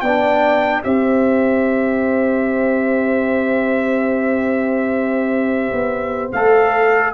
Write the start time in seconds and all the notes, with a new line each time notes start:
0.00 B3 D5 G5
0.07 D4
0.83 C4 G4 C5 E5
5.71 B3
6.32 A3 A4 F5